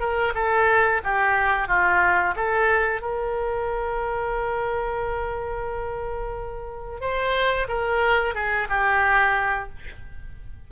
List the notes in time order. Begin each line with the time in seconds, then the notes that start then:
0.00 A#4
0.35 A4
1.04 G4
1.68 F4
2.36 A4
3.02 A#4
7.01 C5
7.68 A#4
8.35 G#4
8.69 G4